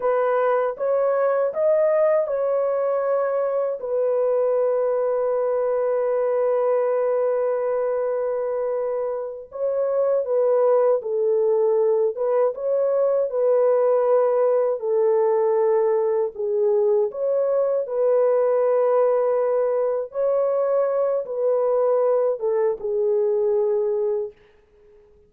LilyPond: \new Staff \with { instrumentName = "horn" } { \time 4/4 \tempo 4 = 79 b'4 cis''4 dis''4 cis''4~ | cis''4 b'2.~ | b'1~ | b'8 cis''4 b'4 a'4. |
b'8 cis''4 b'2 a'8~ | a'4. gis'4 cis''4 b'8~ | b'2~ b'8 cis''4. | b'4. a'8 gis'2 | }